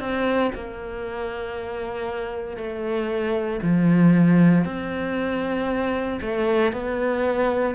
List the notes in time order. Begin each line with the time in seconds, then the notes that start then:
0.00 C4
0.55 A#3
2.57 A3
3.63 F3
4.65 C4
6.22 A3
6.73 B3